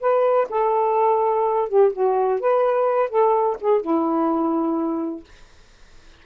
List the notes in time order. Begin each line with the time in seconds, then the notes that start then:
0.00 B4
0.49 A4
1.68 G4
1.93 F#4
2.40 B4
3.10 A4
3.61 G#4
3.81 E4